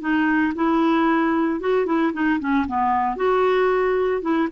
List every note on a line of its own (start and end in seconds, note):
0.00 0.53 D#4
0.55 1.60 E4
1.60 1.85 F#4
1.85 2.12 E4
2.13 2.39 D#4
2.39 2.66 C#4
2.67 3.16 B3
3.16 4.21 F#4
4.21 4.48 E4